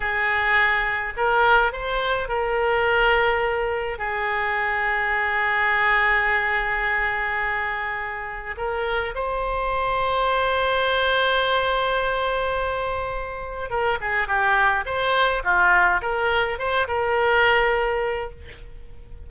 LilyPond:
\new Staff \with { instrumentName = "oboe" } { \time 4/4 \tempo 4 = 105 gis'2 ais'4 c''4 | ais'2. gis'4~ | gis'1~ | gis'2. ais'4 |
c''1~ | c''1 | ais'8 gis'8 g'4 c''4 f'4 | ais'4 c''8 ais'2~ ais'8 | }